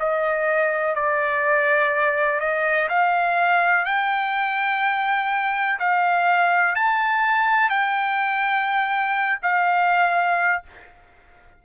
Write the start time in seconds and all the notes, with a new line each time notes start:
0.00 D#5
0.95 D5
2.41 D#5
2.89 F5
3.86 G5
5.80 F5
6.76 A5
7.70 G5
9.43 F5